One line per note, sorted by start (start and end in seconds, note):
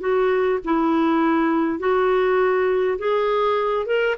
0.00 0.59 F#4
0.65 1.79 E4
1.79 2.98 F#4
2.98 3.86 G#4
3.86 4.16 A#4